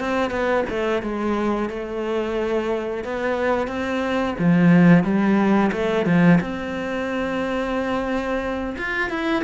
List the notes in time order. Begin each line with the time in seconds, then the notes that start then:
0.00 C4
0.31 B3
0.70 A3
1.03 G#3
1.70 A3
3.05 B3
3.68 C4
4.39 F3
5.04 G3
5.72 A3
6.06 F3
6.41 C4
8.78 F4
9.10 E4